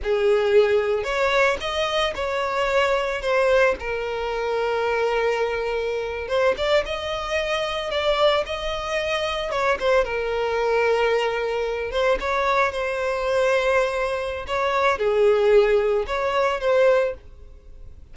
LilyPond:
\new Staff \with { instrumentName = "violin" } { \time 4/4 \tempo 4 = 112 gis'2 cis''4 dis''4 | cis''2 c''4 ais'4~ | ais'2.~ ais'8. c''16~ | c''16 d''8 dis''2 d''4 dis''16~ |
dis''4.~ dis''16 cis''8 c''8 ais'4~ ais'16~ | ais'2~ ais'16 c''8 cis''4 c''16~ | c''2. cis''4 | gis'2 cis''4 c''4 | }